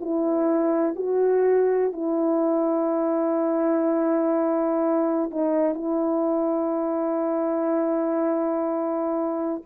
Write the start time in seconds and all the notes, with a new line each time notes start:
0.00 E4
0.95 F#4
1.92 E4
5.30 D#4
5.74 E4